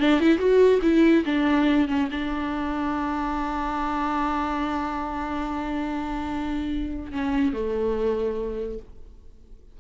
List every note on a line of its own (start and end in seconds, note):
0.00 0.20 D4
0.20 0.38 E4
0.38 0.80 F#4
0.82 1.24 E4
1.25 1.88 D4
1.88 2.09 C#4
2.12 7.12 D4
7.12 7.53 C#4
7.53 8.79 A3